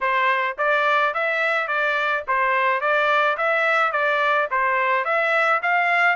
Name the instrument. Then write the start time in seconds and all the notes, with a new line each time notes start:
trumpet
0.00 C5
0.58 D5
1.14 E5
1.67 D5
2.27 C5
2.80 D5
3.37 E5
3.92 D5
4.50 C5
5.04 E5
5.62 F5